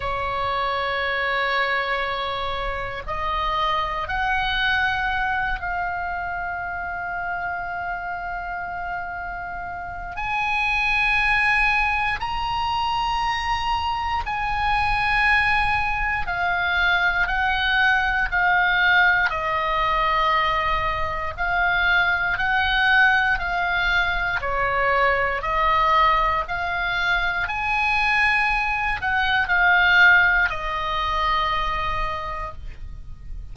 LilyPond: \new Staff \with { instrumentName = "oboe" } { \time 4/4 \tempo 4 = 59 cis''2. dis''4 | fis''4. f''2~ f''8~ | f''2 gis''2 | ais''2 gis''2 |
f''4 fis''4 f''4 dis''4~ | dis''4 f''4 fis''4 f''4 | cis''4 dis''4 f''4 gis''4~ | gis''8 fis''8 f''4 dis''2 | }